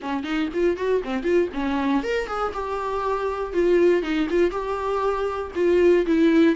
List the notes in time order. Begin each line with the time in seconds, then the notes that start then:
0.01 C#4
0.23 D#4
0.53 F4
0.77 F#4
1.04 C4
1.23 F4
1.53 C#4
2.03 A#4
2.27 G#4
2.53 G4
3.53 F4
4.02 D#4
4.29 F4
4.50 G4
5.55 F4
6.06 E4